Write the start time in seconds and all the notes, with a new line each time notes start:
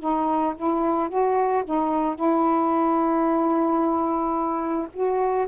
0.00 D#4
0.57 E4
1.10 F#4
1.65 D#4
2.16 E4
4.93 F#4